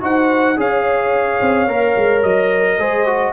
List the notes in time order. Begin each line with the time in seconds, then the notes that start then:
0.00 D#4 F#4 C5 F#5
0.56 C#4 G#4 C#5 F5
1.41 C4
1.67 A#3 A#4
1.96 G#3
2.22 F#3 D#5
2.78 G#3 G#4 C5
3.06 F#4